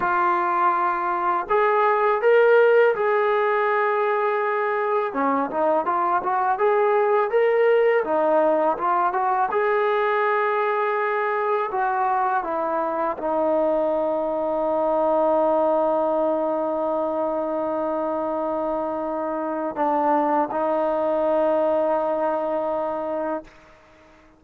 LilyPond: \new Staff \with { instrumentName = "trombone" } { \time 4/4 \tempo 4 = 82 f'2 gis'4 ais'4 | gis'2. cis'8 dis'8 | f'8 fis'8 gis'4 ais'4 dis'4 | f'8 fis'8 gis'2. |
fis'4 e'4 dis'2~ | dis'1~ | dis'2. d'4 | dis'1 | }